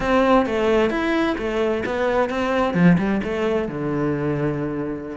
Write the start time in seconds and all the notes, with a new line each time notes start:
0.00 C4
0.46 A3
0.90 E4
1.37 A3
1.85 B3
2.29 C4
2.74 F3
2.98 G3
3.23 A3
3.68 D3